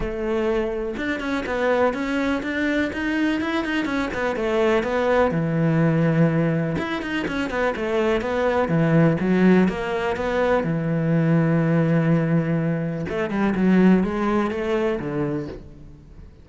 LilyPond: \new Staff \with { instrumentName = "cello" } { \time 4/4 \tempo 4 = 124 a2 d'8 cis'8 b4 | cis'4 d'4 dis'4 e'8 dis'8 | cis'8 b8 a4 b4 e4~ | e2 e'8 dis'8 cis'8 b8 |
a4 b4 e4 fis4 | ais4 b4 e2~ | e2. a8 g8 | fis4 gis4 a4 d4 | }